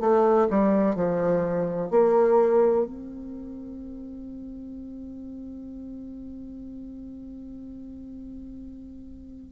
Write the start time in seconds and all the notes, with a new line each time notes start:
0.00 A3
0.50 G3
0.95 F3
1.90 A#3
2.86 C4